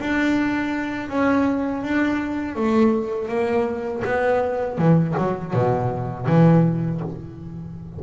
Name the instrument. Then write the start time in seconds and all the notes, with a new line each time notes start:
double bass
0.00 D4
1.09 C#4
1.83 D4
2.56 A3
3.28 A#3
4.04 B3
4.78 E3
5.18 F#3
5.54 B2
6.27 E3